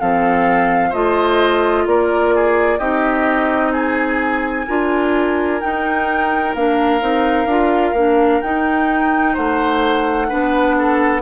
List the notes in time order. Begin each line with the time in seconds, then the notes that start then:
0.00 F3 C4 A4 F5
0.90 A3 F4 C5 D#5
1.87 A#3 A#4 D5
2.35 G#4
2.79 C4 D#4 G4 D#5
3.72 G#4 G#5
4.67 D4 F4 A#4
5.61 D#4 G5
6.55 A#3 D4 F5
7.00 C4 D#4
7.46 D4 F4
7.93 A#3 D4
8.42 D#4 G5
9.33 A3 C5 F#5
10.29 B3 D4 B4
10.78 A4